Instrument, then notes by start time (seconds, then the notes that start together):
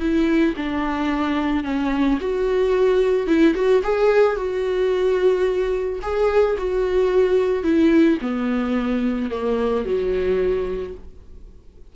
viola
0.00 E4
0.57 D4
1.64 C#4
2.21 F#4
3.27 E4
3.55 F#4
3.84 G#4
4.37 F#4
6.02 G#4
6.58 F#4
7.64 E4
8.22 B3
9.31 A#3
9.85 F#3